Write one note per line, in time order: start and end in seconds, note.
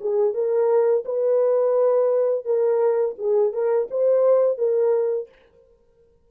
0.00 0.33 G#4
0.33 1.04 A#4
1.05 2.44 B4
2.44 3.15 A#4
3.18 3.53 G#4
3.53 3.88 A#4
3.90 4.58 C5
4.58 5.28 A#4